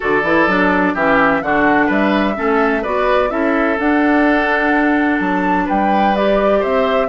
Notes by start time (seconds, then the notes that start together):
0.00 D3 F#4 A4 D5
0.23 E3 E4
0.46 F#3 D4
0.94 E3 C#4 G4 E5
1.42 D3 D4 F#4 F#5
1.86 G3 B4 E5
2.35 A3 C#4 A4
2.81 B3 F#4 B4 D5
3.29 C#4 E4 A4 E5
3.78 D4 F#5
5.19 F#3 A5
5.65 G3 B4 G5
6.15 G4 D5
6.59 C4 C5 E5